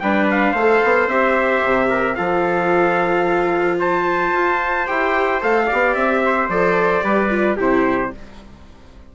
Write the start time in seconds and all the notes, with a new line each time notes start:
0.00 G3 D4 B4 G5
0.31 F5
0.52 A3 A4 C5
0.84 B3
1.08 C4 G4 E5
1.65 C3
1.90 A#4
2.16 F3 F4 A4 F5
3.80 C5 A5
4.33 F4
4.87 E4 G4 G5
5.41 A3 A4 F5
5.67 G4 D5
5.73 B3
5.95 C4 E5
6.26 C5
6.49 F3 A4 D5
7.02 G3 G4 B4
7.31 F4
7.57 C3 E4 G4 C5